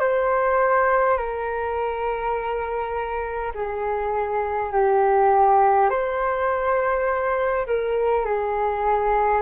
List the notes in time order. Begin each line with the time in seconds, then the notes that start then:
0.00 C5
1.18 A#4
3.55 G#4
4.73 G4
5.90 C5
7.67 A#4
8.26 G#4